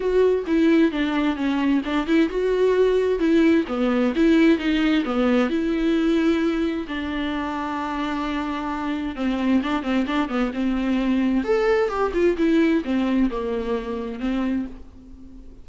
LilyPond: \new Staff \with { instrumentName = "viola" } { \time 4/4 \tempo 4 = 131 fis'4 e'4 d'4 cis'4 | d'8 e'8 fis'2 e'4 | b4 e'4 dis'4 b4 | e'2. d'4~ |
d'1 | c'4 d'8 c'8 d'8 b8 c'4~ | c'4 a'4 g'8 f'8 e'4 | c'4 ais2 c'4 | }